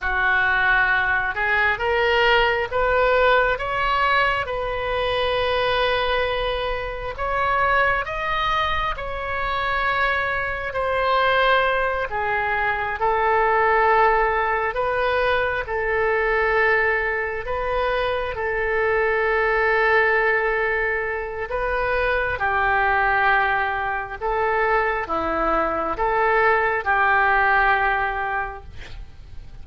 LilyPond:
\new Staff \with { instrumentName = "oboe" } { \time 4/4 \tempo 4 = 67 fis'4. gis'8 ais'4 b'4 | cis''4 b'2. | cis''4 dis''4 cis''2 | c''4. gis'4 a'4.~ |
a'8 b'4 a'2 b'8~ | b'8 a'2.~ a'8 | b'4 g'2 a'4 | e'4 a'4 g'2 | }